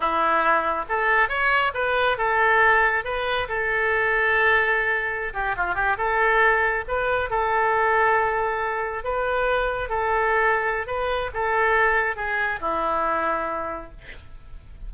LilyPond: \new Staff \with { instrumentName = "oboe" } { \time 4/4 \tempo 4 = 138 e'2 a'4 cis''4 | b'4 a'2 b'4 | a'1~ | a'16 g'8 f'8 g'8 a'2 b'16~ |
b'8. a'2.~ a'16~ | a'8. b'2 a'4~ a'16~ | a'4 b'4 a'2 | gis'4 e'2. | }